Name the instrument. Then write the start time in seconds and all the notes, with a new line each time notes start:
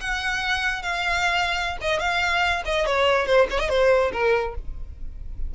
violin
0.00 F#5
0.82 F5
1.81 D#5
1.99 F5
2.65 D#5
2.86 C#5
3.26 C5
3.50 C#5
3.59 D#5
3.69 C5
4.12 A#4